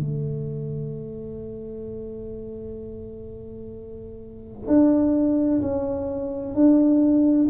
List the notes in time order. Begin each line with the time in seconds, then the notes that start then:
0.00 A3
4.68 D4
5.62 C#4
6.55 D4